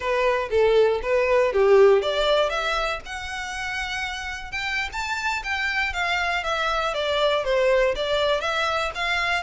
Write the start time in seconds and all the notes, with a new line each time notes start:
0.00 B4
0.50 A4
1.02 B4
1.52 G4
2.02 D5
2.49 E5
3.05 F#5
4.51 G5
4.92 A5
5.43 G5
5.93 F5
6.43 E5
6.94 D5
7.44 C5
7.95 D5
8.40 E5
8.94 F5